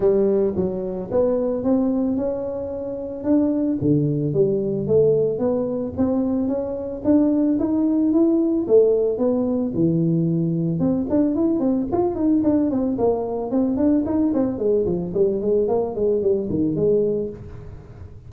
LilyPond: \new Staff \with { instrumentName = "tuba" } { \time 4/4 \tempo 4 = 111 g4 fis4 b4 c'4 | cis'2 d'4 d4 | g4 a4 b4 c'4 | cis'4 d'4 dis'4 e'4 |
a4 b4 e2 | c'8 d'8 e'8 c'8 f'8 dis'8 d'8 c'8 | ais4 c'8 d'8 dis'8 c'8 gis8 f8 | g8 gis8 ais8 gis8 g8 dis8 gis4 | }